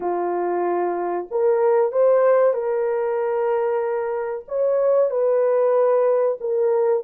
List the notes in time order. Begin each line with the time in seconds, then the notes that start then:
0.00 F4
1.31 A#4
1.91 C5
2.53 A#4
4.48 C#5
5.10 B4
6.40 A#4